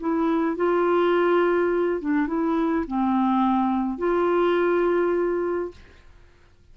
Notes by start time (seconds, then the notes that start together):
0.00 E4
0.56 F4
2.01 D4
2.27 E4
2.87 C4
3.98 F4